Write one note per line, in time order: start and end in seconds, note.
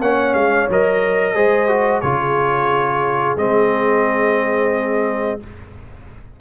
0.00 0.34 A#3
0.00 0.70 C#4
0.00 1.35 C#5
0.00 0.34 F#5
0.34 0.67 G#3
0.34 0.67 F5
0.69 1.35 F#3
0.69 1.35 A#4
0.69 2.00 D#5
1.35 2.02 G#3
1.35 1.68 G#4
1.35 2.02 C5
1.68 2.02 F#4
2.00 3.36 C#3
2.00 3.37 F4
2.00 5.40 G#4
2.00 3.35 C#5
3.36 5.38 G#3
3.36 5.40 C4
3.36 5.40 D#5